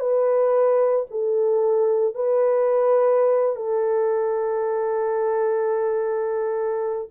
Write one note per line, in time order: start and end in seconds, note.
0.00 1.06 B4
1.11 2.15 A4
2.15 3.56 B4
3.56 7.09 A4